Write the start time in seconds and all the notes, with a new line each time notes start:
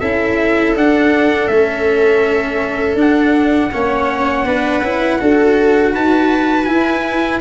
0.00 C#4 E4 A4 E5
0.76 D4 F#5
1.48 A3 C#4 E5
2.95 D4
3.01 F#5
3.72 A#3 C#4 C#5
4.45 B3 D4 B4
4.82 C#4 E4
5.19 D4 F#4 A4
5.93 D#4 B4 A5
6.65 E4 G#5